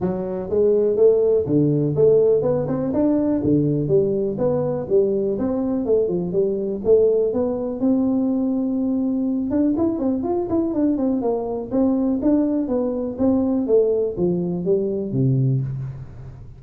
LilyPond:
\new Staff \with { instrumentName = "tuba" } { \time 4/4 \tempo 4 = 123 fis4 gis4 a4 d4 | a4 b8 c'8 d'4 d4 | g4 b4 g4 c'4 | a8 f8 g4 a4 b4 |
c'2.~ c'8 d'8 | e'8 c'8 f'8 e'8 d'8 c'8 ais4 | c'4 d'4 b4 c'4 | a4 f4 g4 c4 | }